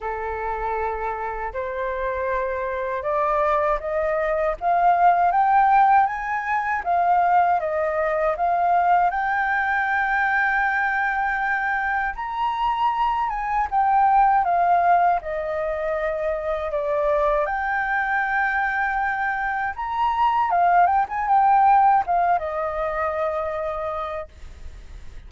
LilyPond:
\new Staff \with { instrumentName = "flute" } { \time 4/4 \tempo 4 = 79 a'2 c''2 | d''4 dis''4 f''4 g''4 | gis''4 f''4 dis''4 f''4 | g''1 |
ais''4. gis''8 g''4 f''4 | dis''2 d''4 g''4~ | g''2 ais''4 f''8 g''16 gis''16 | g''4 f''8 dis''2~ dis''8 | }